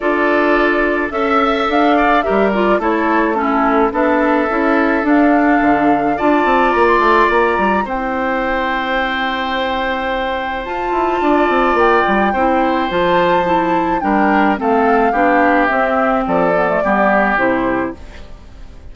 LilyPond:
<<
  \new Staff \with { instrumentName = "flute" } { \time 4/4 \tempo 4 = 107 d''2 e''4 f''4 | e''8 d''8 cis''4 a'4 e''4~ | e''4 f''2 a''4 | ais''16 c'''8. ais''4 g''2~ |
g''2. a''4~ | a''4 g''2 a''4~ | a''4 g''4 f''2 | e''4 d''2 c''4 | }
  \new Staff \with { instrumentName = "oboe" } { \time 4/4 a'2 e''4. d''8 | ais'4 a'4 e'4 a'4~ | a'2. d''4~ | d''2 c''2~ |
c''1 | d''2 c''2~ | c''4 ais'4 a'4 g'4~ | g'4 a'4 g'2 | }
  \new Staff \with { instrumentName = "clarinet" } { \time 4/4 f'2 a'2 | g'8 f'8 e'4 cis'4 d'4 | e'4 d'2 f'4~ | f'2 e'2~ |
e'2. f'4~ | f'2 e'4 f'4 | e'4 d'4 c'4 d'4 | c'4. b16 a16 b4 e'4 | }
  \new Staff \with { instrumentName = "bassoon" } { \time 4/4 d'2 cis'4 d'4 | g4 a2 b4 | cis'4 d'4 d4 d'8 c'8 | ais8 a8 ais8 g8 c'2~ |
c'2. f'8 e'8 | d'8 c'8 ais8 g8 c'4 f4~ | f4 g4 a4 b4 | c'4 f4 g4 c4 | }
>>